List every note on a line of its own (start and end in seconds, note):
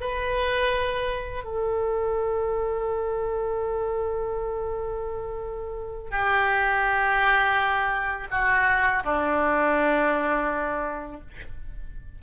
0.00 1.44 B4
1.44 6.11 A4
6.11 8.28 G4
8.31 9.03 F#4
9.04 11.21 D4